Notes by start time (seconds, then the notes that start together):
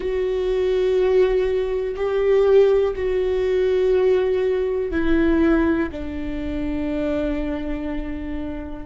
0.00 F#4
1.95 G4
2.95 F#4
4.91 E4
5.91 D4